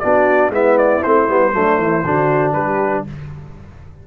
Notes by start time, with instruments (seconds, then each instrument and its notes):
0.00 tuba B3, trombone D4, horn F#4, trumpet D5
0.50 tuba G#3, trombone B3, horn E4, trumpet E5
0.78 trumpet D5
1.04 tuba A3, trombone C4, trumpet C5
1.29 tuba G3, trombone B3
1.53 tuba F#3, trombone A3, horn D4
1.78 tuba E3, horn E4
2.05 tuba D3, trombone D4, horn F#4
2.54 tuba G3, horn G4, trumpet B4